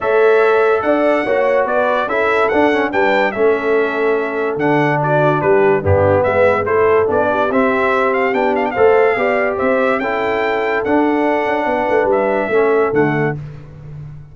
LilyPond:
<<
  \new Staff \with { instrumentName = "trumpet" } { \time 4/4 \tempo 4 = 144 e''2 fis''2 | d''4 e''4 fis''4 g''4 | e''2. fis''4 | d''4 b'4 g'4 e''4 |
c''4 d''4 e''4. f''8 | g''8 f''16 g''16 f''2 e''4 | g''2 fis''2~ | fis''4 e''2 fis''4 | }
  \new Staff \with { instrumentName = "horn" } { \time 4/4 cis''2 d''4 cis''4 | b'4 a'2 b'4 | a'1 | fis'4 g'4 d'4 b'4 |
a'4. g'2~ g'8~ | g'4 c''4 d''4 c''4 | a'1 | b'2 a'2 | }
  \new Staff \with { instrumentName = "trombone" } { \time 4/4 a'2. fis'4~ | fis'4 e'4 d'8 cis'8 d'4 | cis'2. d'4~ | d'2 b2 |
e'4 d'4 c'2 | d'4 a'4 g'2 | e'2 d'2~ | d'2 cis'4 a4 | }
  \new Staff \with { instrumentName = "tuba" } { \time 4/4 a2 d'4 ais4 | b4 cis'4 d'4 g4 | a2. d4~ | d4 g4 g,4 gis4 |
a4 b4 c'2 | b4 a4 b4 c'4 | cis'2 d'4. cis'8 | b8 a8 g4 a4 d4 | }
>>